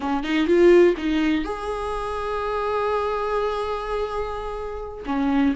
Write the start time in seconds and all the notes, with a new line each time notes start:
0.00 C#4
0.23 D#4
0.46 F4
0.97 D#4
1.44 G#4
5.06 C#4